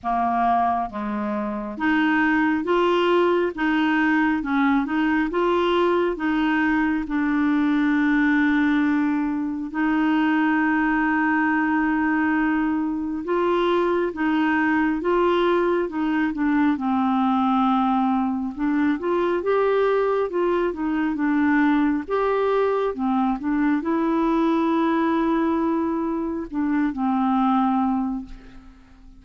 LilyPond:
\new Staff \with { instrumentName = "clarinet" } { \time 4/4 \tempo 4 = 68 ais4 gis4 dis'4 f'4 | dis'4 cis'8 dis'8 f'4 dis'4 | d'2. dis'4~ | dis'2. f'4 |
dis'4 f'4 dis'8 d'8 c'4~ | c'4 d'8 f'8 g'4 f'8 dis'8 | d'4 g'4 c'8 d'8 e'4~ | e'2 d'8 c'4. | }